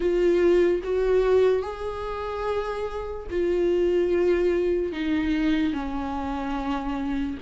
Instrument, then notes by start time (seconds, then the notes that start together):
viola
0.00 F4
0.83 F#4
1.62 G#4
3.30 F4
4.92 D#4
5.73 C#4